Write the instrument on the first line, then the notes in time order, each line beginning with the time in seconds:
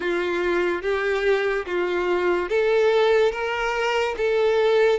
violin
0.00 F4
0.82 G4
1.66 F4
2.48 A4
3.31 A#4
4.17 A4